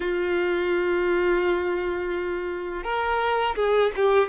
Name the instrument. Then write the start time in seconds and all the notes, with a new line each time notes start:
violin
0.00 F4
2.83 A#4
3.55 G#4
3.95 G4